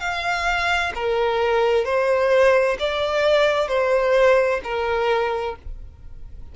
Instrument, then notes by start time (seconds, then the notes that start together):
violin
0.00 F5
0.95 A#4
1.85 C5
2.79 D5
3.68 C5
4.64 A#4